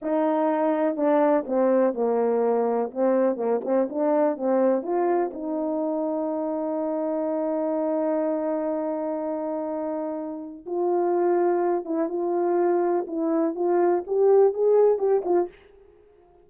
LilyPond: \new Staff \with { instrumentName = "horn" } { \time 4/4 \tempo 4 = 124 dis'2 d'4 c'4 | ais2 c'4 ais8 c'8 | d'4 c'4 f'4 dis'4~ | dis'1~ |
dis'1~ | dis'2 f'2~ | f'8 e'8 f'2 e'4 | f'4 g'4 gis'4 g'8 f'8 | }